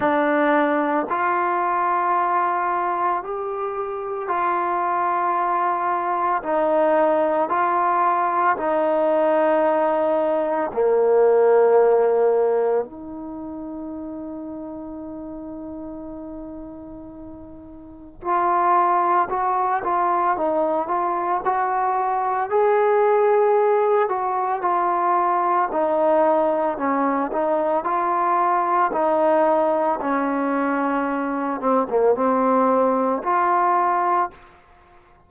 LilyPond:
\new Staff \with { instrumentName = "trombone" } { \time 4/4 \tempo 4 = 56 d'4 f'2 g'4 | f'2 dis'4 f'4 | dis'2 ais2 | dis'1~ |
dis'4 f'4 fis'8 f'8 dis'8 f'8 | fis'4 gis'4. fis'8 f'4 | dis'4 cis'8 dis'8 f'4 dis'4 | cis'4. c'16 ais16 c'4 f'4 | }